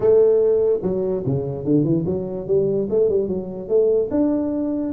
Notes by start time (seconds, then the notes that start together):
0.00 A3
0.82 F#3
1.26 C#3
1.64 D3
1.84 E3
2.06 F#3
2.47 G3
2.90 A3
3.09 G3
3.27 F#3
3.68 A3
4.11 D4